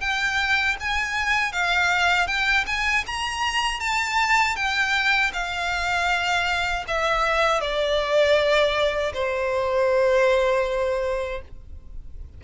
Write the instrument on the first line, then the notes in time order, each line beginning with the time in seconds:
violin
0.00 G5
0.80 G#5
1.52 F5
2.27 G5
2.66 G#5
3.06 A#5
3.80 A5
4.56 G5
5.33 F5
6.88 E5
7.61 D5
9.13 C5